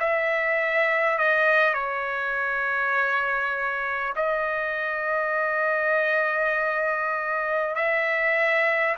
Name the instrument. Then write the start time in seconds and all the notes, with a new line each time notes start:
trumpet
0.00 E5
1.18 D#5
1.73 C#5
4.16 D#5
7.75 E5